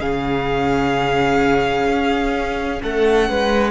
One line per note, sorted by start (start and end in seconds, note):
0.00 1.87 C#3
0.00 3.71 C#4
0.00 2.82 G#4
0.00 2.82 F5
1.87 2.81 C#4
2.82 3.30 A3
2.82 3.29 A4
2.82 3.71 F#5
3.29 3.71 G#3
3.29 3.71 B4